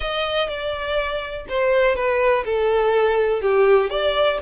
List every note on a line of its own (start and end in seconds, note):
0.00 0.48 D#5
0.48 1.45 D5
1.49 1.95 C5
1.95 2.44 B4
2.45 3.41 A4
3.41 3.90 G4
3.90 4.38 D5